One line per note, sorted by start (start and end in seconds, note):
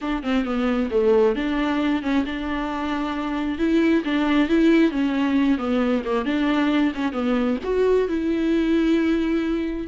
0.01 0.23 D4
0.23 0.44 C4
0.44 0.89 B3
0.90 1.35 A3
1.35 2.02 D4
2.02 2.24 C#4
2.25 3.58 D4
3.58 4.03 E4
4.04 4.49 D4
4.49 4.91 E4
4.91 5.57 C#4
5.57 6.02 B3
6.04 6.25 A#3
6.25 6.92 D4
6.94 7.12 C#4
7.12 7.57 B3
7.63 8.08 F#4
8.08 9.87 E4